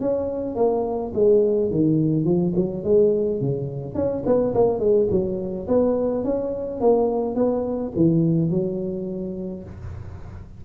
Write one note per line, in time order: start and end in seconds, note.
0.00 0.55 C#4
0.55 1.12 A#3
1.14 1.70 G#3
1.70 2.25 D#3
2.25 2.53 F3
2.56 2.84 F#3
2.84 3.40 G#3
3.40 3.94 C#3
3.94 4.23 C#4
4.26 4.54 B3
4.54 4.79 A#3
4.79 5.08 G#3
5.10 5.67 F#3
5.68 6.24 B3
6.24 6.80 C#4
6.80 7.35 A#3
7.35 7.92 B3
7.96 8.50 E3
8.50 9.63 F#3